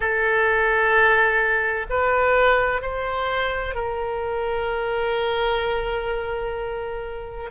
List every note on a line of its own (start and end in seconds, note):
0.00 1.86 A4
1.89 2.81 B4
2.81 3.75 C5
3.75 7.50 A#4